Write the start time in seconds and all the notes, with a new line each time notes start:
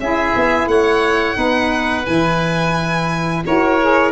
0.00 C#4 E4 G#4 E5
0.36 B3
0.67 A3 C#5 F#5
1.34 B3 D#4 B4
2.06 E3 E4 G#5
3.46 E4 F#4 A#4 C#5
3.81 G#4